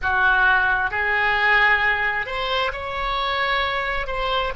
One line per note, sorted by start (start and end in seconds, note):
0.02 0.90 F#4
0.90 2.26 G#4
2.26 2.71 C5
2.72 4.07 C#5
4.07 4.52 C5